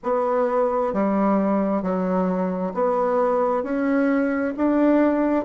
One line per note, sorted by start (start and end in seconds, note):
0.02 0.93 B3
0.93 1.82 G3
1.82 2.73 F#3
2.74 3.63 B3
3.63 4.54 C#4
4.57 5.44 D4